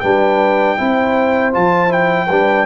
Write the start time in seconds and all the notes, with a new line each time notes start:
0.00 G3 D4 B4 G5
0.77 C4 E4 C5
1.52 F3 F4 A5
1.88 E4 G5
2.28 G3 D4 B4